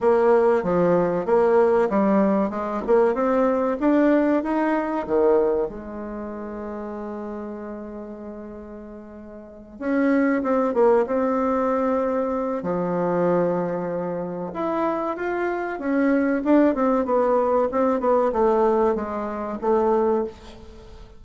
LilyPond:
\new Staff \with { instrumentName = "bassoon" } { \time 4/4 \tempo 4 = 95 ais4 f4 ais4 g4 | gis8 ais8 c'4 d'4 dis'4 | dis4 gis2.~ | gis2.~ gis8 cis'8~ |
cis'8 c'8 ais8 c'2~ c'8 | f2. e'4 | f'4 cis'4 d'8 c'8 b4 | c'8 b8 a4 gis4 a4 | }